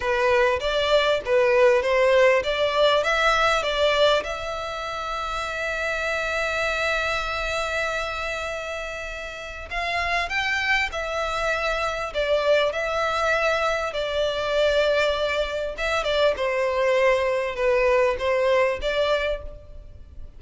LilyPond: \new Staff \with { instrumentName = "violin" } { \time 4/4 \tempo 4 = 99 b'4 d''4 b'4 c''4 | d''4 e''4 d''4 e''4~ | e''1~ | e''1 |
f''4 g''4 e''2 | d''4 e''2 d''4~ | d''2 e''8 d''8 c''4~ | c''4 b'4 c''4 d''4 | }